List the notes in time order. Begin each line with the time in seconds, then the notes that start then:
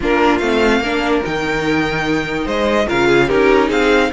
0.00 A#3 D4 F4 A#4
0.38 A3 C4 F5
0.80 A#3 D4 A#4
1.24 D#3 D#4 G5
2.45 G#3 C5 D#5
2.87 C#3 F4 A#4 F5
3.07 G#4
3.27 C#4 D#4 G4 A#4
3.67 C4 G#4 F5